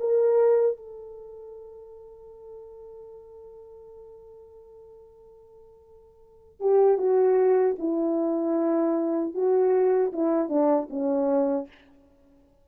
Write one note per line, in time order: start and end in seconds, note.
0.00 0.77 A#4
0.77 6.61 A4
6.61 6.98 G4
6.98 7.76 F#4
7.79 9.34 E4
9.34 10.12 F#4
10.13 10.49 E4
10.49 10.88 D4
10.90 11.68 C#4